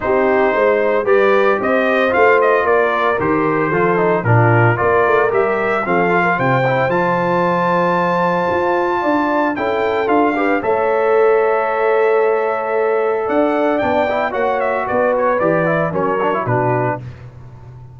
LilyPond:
<<
  \new Staff \with { instrumentName = "trumpet" } { \time 4/4 \tempo 4 = 113 c''2 d''4 dis''4 | f''8 dis''8 d''4 c''2 | ais'4 d''4 e''4 f''4 | g''4 a''2.~ |
a''2 g''4 f''4 | e''1~ | e''4 fis''4 g''4 fis''8 e''8 | d''8 cis''8 d''4 cis''4 b'4 | }
  \new Staff \with { instrumentName = "horn" } { \time 4/4 g'4 c''4 b'4 c''4~ | c''4 ais'2 a'4 | f'4 ais'2 a'8. ais'16 | c''1~ |
c''4 d''4 a'4. b'8 | cis''1~ | cis''4 d''2 cis''4 | b'2 ais'4 fis'4 | }
  \new Staff \with { instrumentName = "trombone" } { \time 4/4 dis'2 g'2 | f'2 g'4 f'8 dis'8 | d'4 f'4 g'4 c'8 f'8~ | f'8 e'8 f'2.~ |
f'2 e'4 f'8 g'8 | a'1~ | a'2 d'8 e'8 fis'4~ | fis'4 g'8 e'8 cis'8 d'16 e'16 d'4 | }
  \new Staff \with { instrumentName = "tuba" } { \time 4/4 c'4 gis4 g4 c'4 | a4 ais4 dis4 f4 | ais,4 ais8 a8 g4 f4 | c4 f2. |
f'4 d'4 cis'4 d'4 | a1~ | a4 d'4 b4 ais4 | b4 e4 fis4 b,4 | }
>>